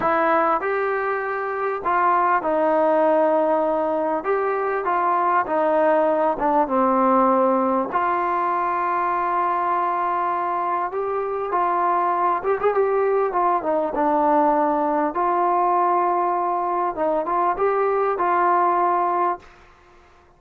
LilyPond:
\new Staff \with { instrumentName = "trombone" } { \time 4/4 \tempo 4 = 99 e'4 g'2 f'4 | dis'2. g'4 | f'4 dis'4. d'8 c'4~ | c'4 f'2.~ |
f'2 g'4 f'4~ | f'8 g'16 gis'16 g'4 f'8 dis'8 d'4~ | d'4 f'2. | dis'8 f'8 g'4 f'2 | }